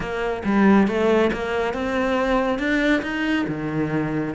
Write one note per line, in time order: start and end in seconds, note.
0.00 0.42 A#3
0.44 0.87 G3
0.87 1.30 A3
1.32 1.73 A#3
1.73 2.58 C4
2.58 3.01 D4
3.02 3.45 D#4
3.48 4.34 D#3